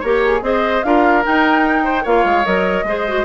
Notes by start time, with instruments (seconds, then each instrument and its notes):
0.00 bassoon A#3, clarinet G4, flute A#4, oboe C#5
0.25 flute G#4
0.41 bassoon C4, clarinet G#4, oboe C5, flute D#5
0.83 bassoon D4, clarinet F4, oboe A#4, flute F5
1.24 clarinet D#4, bassoon D#4, flute G5
1.84 oboe C5
2.03 bassoon A#3, clarinet F4, oboe C#5, flute F5
2.25 bassoon G#3
2.45 bassoon F#3, clarinet A#4, flute D#5
2.83 bassoon G#3, clarinet G#4, oboe C5
3.08 clarinet F#4